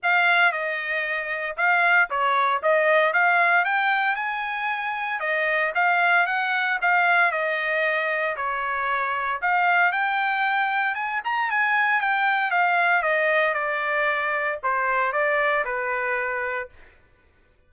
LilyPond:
\new Staff \with { instrumentName = "trumpet" } { \time 4/4 \tempo 4 = 115 f''4 dis''2 f''4 | cis''4 dis''4 f''4 g''4 | gis''2 dis''4 f''4 | fis''4 f''4 dis''2 |
cis''2 f''4 g''4~ | g''4 gis''8 ais''8 gis''4 g''4 | f''4 dis''4 d''2 | c''4 d''4 b'2 | }